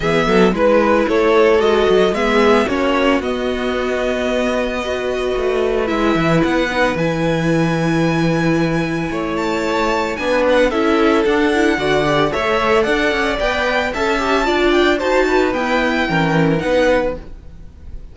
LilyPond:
<<
  \new Staff \with { instrumentName = "violin" } { \time 4/4 \tempo 4 = 112 e''4 b'4 cis''4 dis''4 | e''4 cis''4 dis''2~ | dis''2. e''4 | fis''4 gis''2.~ |
gis''4. a''4. gis''8 fis''8 | e''4 fis''2 e''4 | fis''4 g''4 a''4. g''8 | a''4 g''2 fis''4 | }
  \new Staff \with { instrumentName = "violin" } { \time 4/4 gis'8 a'8 b'4 a'2 | gis'4 fis'2.~ | fis'4 b'2.~ | b'1~ |
b'4 cis''2 b'4 | a'2 d''4 cis''4 | d''2 e''4 d''4 | c''8 b'4. ais'4 b'4 | }
  \new Staff \with { instrumentName = "viola" } { \time 4/4 b4 e'2 fis'4 | b4 cis'4 b2~ | b4 fis'2 e'4~ | e'8 dis'8 e'2.~ |
e'2. d'4 | e'4 d'8 e'8 fis'8 g'8 a'4~ | a'4 b'4 a'8 g'8 f'4 | fis'4 b4 cis'4 dis'4 | }
  \new Staff \with { instrumentName = "cello" } { \time 4/4 e8 fis8 gis4 a4 gis8 fis8 | gis4 ais4 b2~ | b2 a4 gis8 e8 | b4 e2.~ |
e4 a2 b4 | cis'4 d'4 d4 a4 | d'8 cis'8 b4 cis'4 d'4 | dis'4 e'4 e4 b4 | }
>>